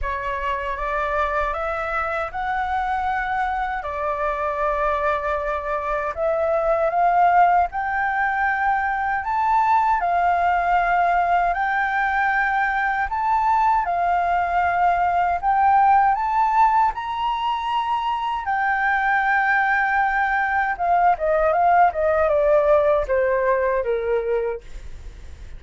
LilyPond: \new Staff \with { instrumentName = "flute" } { \time 4/4 \tempo 4 = 78 cis''4 d''4 e''4 fis''4~ | fis''4 d''2. | e''4 f''4 g''2 | a''4 f''2 g''4~ |
g''4 a''4 f''2 | g''4 a''4 ais''2 | g''2. f''8 dis''8 | f''8 dis''8 d''4 c''4 ais'4 | }